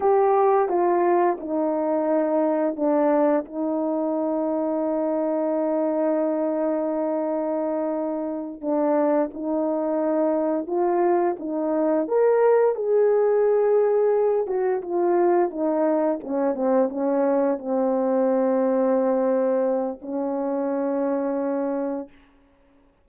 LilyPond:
\new Staff \with { instrumentName = "horn" } { \time 4/4 \tempo 4 = 87 g'4 f'4 dis'2 | d'4 dis'2.~ | dis'1~ | dis'8 d'4 dis'2 f'8~ |
f'8 dis'4 ais'4 gis'4.~ | gis'4 fis'8 f'4 dis'4 cis'8 | c'8 cis'4 c'2~ c'8~ | c'4 cis'2. | }